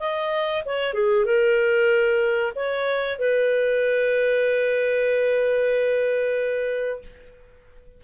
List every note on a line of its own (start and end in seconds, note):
0.00 0.64 D#5
0.66 0.94 C#5
0.94 1.25 G#4
1.25 2.53 A#4
2.56 3.19 C#5
3.19 7.02 B4